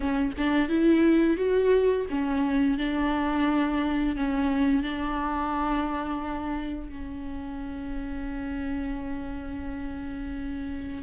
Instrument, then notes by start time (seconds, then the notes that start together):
viola
0.00 C#4
0.37 D4
0.68 E4
1.37 F#4
2.10 C#4
2.78 D4
4.16 C#4
4.82 D4
6.89 C#4